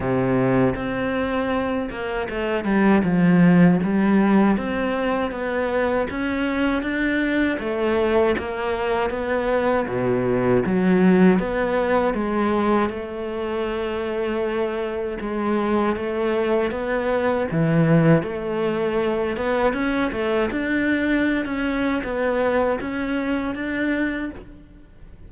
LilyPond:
\new Staff \with { instrumentName = "cello" } { \time 4/4 \tempo 4 = 79 c4 c'4. ais8 a8 g8 | f4 g4 c'4 b4 | cis'4 d'4 a4 ais4 | b4 b,4 fis4 b4 |
gis4 a2. | gis4 a4 b4 e4 | a4. b8 cis'8 a8 d'4~ | d'16 cis'8. b4 cis'4 d'4 | }